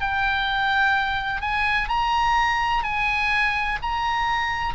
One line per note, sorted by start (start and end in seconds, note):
0.00 1.41 G5
1.41 1.88 G#5
1.88 2.83 A#5
2.83 3.78 G#5
3.82 4.74 A#5